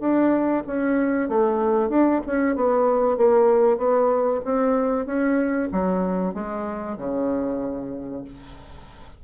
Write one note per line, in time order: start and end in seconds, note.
0.00 0.63 D4
0.67 1.29 C#4
1.29 1.89 A3
1.89 2.21 D4
2.27 2.56 C#4
2.56 3.17 B3
3.17 3.78 A#3
3.78 4.41 B3
4.45 5.06 C4
5.06 5.69 C#4
5.72 6.34 F#3
6.34 6.97 G#3
6.98 8.24 C#3